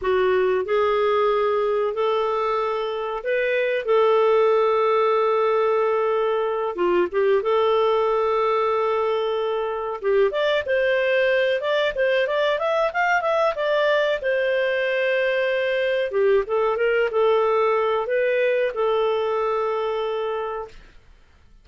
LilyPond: \new Staff \with { instrumentName = "clarinet" } { \time 4/4 \tempo 4 = 93 fis'4 gis'2 a'4~ | a'4 b'4 a'2~ | a'2~ a'8 f'8 g'8 a'8~ | a'2.~ a'8 g'8 |
d''8 c''4. d''8 c''8 d''8 e''8 | f''8 e''8 d''4 c''2~ | c''4 g'8 a'8 ais'8 a'4. | b'4 a'2. | }